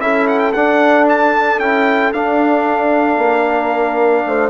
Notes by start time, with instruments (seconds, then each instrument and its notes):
0.00 bassoon C#4, trombone E4, horn A4, trumpet E5
0.28 trumpet F#5
0.39 trumpet G5
0.53 bassoon D4, trombone D4, trumpet F#5
1.09 trumpet A5
1.59 bassoon C#4, trombone E4, trumpet G5
2.13 bassoon D4, trombone D4, trumpet F5
3.18 bassoon A#3
3.46 horn A#4
4.26 bassoon A3, horn C5